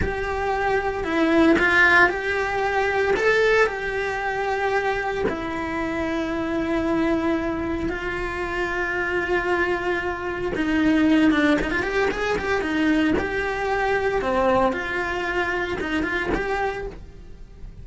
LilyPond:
\new Staff \with { instrumentName = "cello" } { \time 4/4 \tempo 4 = 114 g'2 e'4 f'4 | g'2 a'4 g'4~ | g'2 e'2~ | e'2. f'4~ |
f'1 | dis'4. d'8 dis'16 f'16 g'8 gis'8 g'8 | dis'4 g'2 c'4 | f'2 dis'8 f'8 g'4 | }